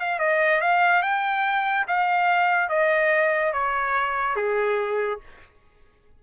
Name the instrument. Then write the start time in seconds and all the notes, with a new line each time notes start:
trumpet
0.00 F5
0.19 D#5
0.61 F5
1.03 G5
1.88 F5
2.69 D#5
3.53 C#5
4.36 G#4